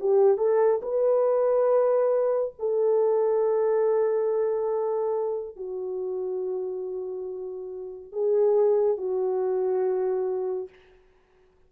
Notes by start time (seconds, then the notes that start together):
0.00 G4
0.38 A4
0.83 B4
2.59 A4
5.56 F#4
8.13 G#4
8.98 F#4